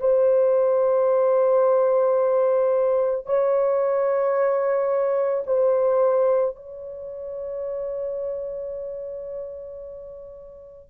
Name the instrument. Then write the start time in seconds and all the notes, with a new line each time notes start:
horn
0.00 C5
3.26 C#5
5.46 C5
6.56 C#5